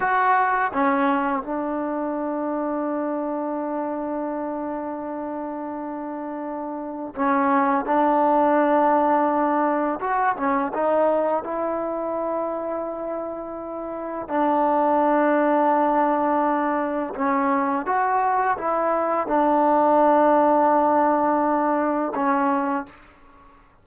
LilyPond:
\new Staff \with { instrumentName = "trombone" } { \time 4/4 \tempo 4 = 84 fis'4 cis'4 d'2~ | d'1~ | d'2 cis'4 d'4~ | d'2 fis'8 cis'8 dis'4 |
e'1 | d'1 | cis'4 fis'4 e'4 d'4~ | d'2. cis'4 | }